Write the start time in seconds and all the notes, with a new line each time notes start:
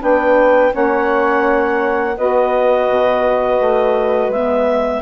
0.00 B3 D4 B4 G5
0.71 A#3 C#4 C#5 F#5
2.17 B3 F#4 B4 D#5
2.89 B2
3.60 A3
4.29 G#3 B3 E5